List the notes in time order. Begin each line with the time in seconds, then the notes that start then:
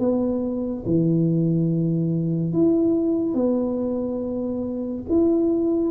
0.00 B3
0.86 E3
2.54 E4
3.35 B3
5.10 E4